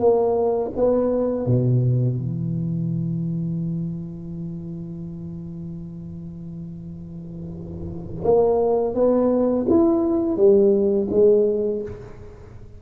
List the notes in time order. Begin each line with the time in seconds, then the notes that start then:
0.00 A#3
0.77 B3
1.46 B2
2.17 E3
8.25 A#3
8.95 B3
9.70 E4
10.37 G3
11.11 G#3